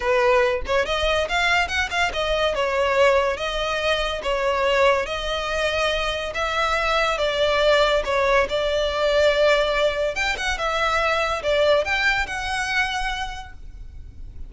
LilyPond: \new Staff \with { instrumentName = "violin" } { \time 4/4 \tempo 4 = 142 b'4. cis''8 dis''4 f''4 | fis''8 f''8 dis''4 cis''2 | dis''2 cis''2 | dis''2. e''4~ |
e''4 d''2 cis''4 | d''1 | g''8 fis''8 e''2 d''4 | g''4 fis''2. | }